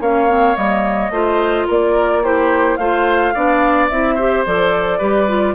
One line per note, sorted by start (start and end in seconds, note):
0.00 0.56 A#3
0.00 0.28 C#4
0.00 1.12 C#5
0.00 0.56 F5
0.28 0.55 C4
0.55 1.10 G3
0.55 1.11 A#3
0.55 1.67 D#5
1.10 1.66 A3
1.10 2.23 F4
1.10 1.67 C5
1.67 2.78 A#3
1.67 2.22 A#4
1.67 2.24 D5
2.23 2.79 E4
2.23 2.78 G4
2.23 2.76 C5
2.76 3.34 A3
2.76 3.34 F4
2.76 3.34 C5
2.76 3.87 F5
3.34 3.90 B3
3.34 3.90 D4
3.34 4.15 D5
3.89 4.46 C4
3.89 4.18 E4
3.89 4.44 E5
4.15 4.46 G4
4.15 4.98 C5
4.46 5.00 F3
4.46 5.00 A4
4.46 5.55 D5
4.98 5.55 G3
4.98 5.27 G4
4.98 5.53 B4
5.28 5.55 F4